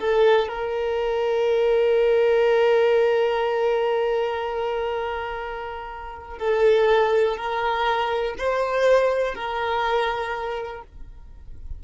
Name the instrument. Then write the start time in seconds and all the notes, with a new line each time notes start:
violin
0.00 A4
0.49 A#4
6.39 A4
7.37 A#4
8.39 C5
9.35 A#4